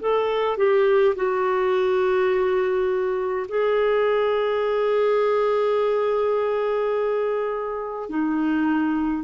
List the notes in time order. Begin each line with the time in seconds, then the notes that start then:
0.00 A4
0.57 G4
1.15 F#4
3.49 G#4
8.09 D#4